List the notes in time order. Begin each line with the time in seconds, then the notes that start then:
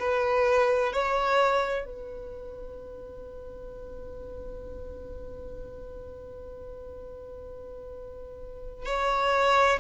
0.00 B4
0.93 C#5
1.85 B4
8.86 C#5